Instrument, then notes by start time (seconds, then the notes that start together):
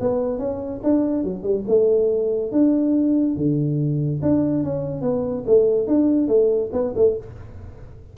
tuba
0.00 B3
0.38 C#4
0.83 D4
1.24 F#3
1.43 G3
1.67 A3
2.52 D4
3.36 D3
4.22 D4
4.64 C#4
5.01 B3
5.46 A3
5.87 D4
6.27 A3
6.72 B3
6.95 A3